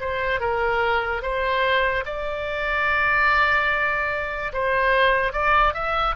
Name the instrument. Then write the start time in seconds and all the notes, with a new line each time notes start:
oboe
0.00 C5
0.40 A#4
1.22 C5
2.05 D5
4.52 C5
5.32 D5
5.73 E5